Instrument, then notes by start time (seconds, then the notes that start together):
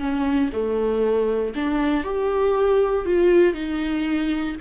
viola
0.00 C#4
0.53 A3
1.56 D4
2.04 G4
3.06 F4
3.54 D#4